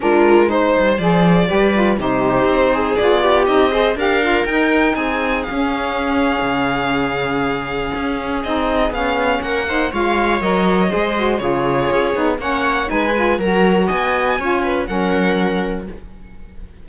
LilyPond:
<<
  \new Staff \with { instrumentName = "violin" } { \time 4/4 \tempo 4 = 121 ais'4 c''4 d''2 | c''2 d''4 dis''4 | f''4 g''4 gis''4 f''4~ | f''1~ |
f''4 dis''4 f''4 fis''4 | f''4 dis''2 cis''4~ | cis''4 fis''4 gis''4 ais''4 | gis''2 fis''2 | }
  \new Staff \with { instrumentName = "viola" } { \time 4/4 f'4 c''2 b'4 | g'4. gis'4 g'4 c''8 | ais'2 gis'2~ | gis'1~ |
gis'2. ais'8 c''8 | cis''2 c''4 gis'4~ | gis'4 cis''4 b'4 ais'4 | dis''4 cis''8 b'8 ais'2 | }
  \new Staff \with { instrumentName = "saxophone" } { \time 4/4 d'4 dis'4 gis'4 g'8 f'8 | dis'2 f'4 dis'8 gis'8 | g'8 f'8 dis'2 cis'4~ | cis'1~ |
cis'4 dis'4 cis'4. dis'8 | f'4 ais'4 gis'8 fis'8 f'4~ | f'8 dis'8 cis'4 dis'8 f'8 fis'4~ | fis'4 f'4 cis'2 | }
  \new Staff \with { instrumentName = "cello" } { \time 4/4 gis4. g8 f4 g4 | c4 c'4 b4 c'4 | d'4 dis'4 c'4 cis'4~ | cis'4 cis2. |
cis'4 c'4 b4 ais4 | gis4 fis4 gis4 cis4 | cis'8 b8 ais4 gis4 fis4 | b4 cis'4 fis2 | }
>>